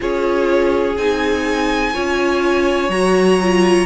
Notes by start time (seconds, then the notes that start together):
0.00 C#4 F4 G#4 C#5
0.97 C4 D#4 G#5
1.93 C#4 F4 C#5
2.89 F#3 F#4 A#5
3.41 F4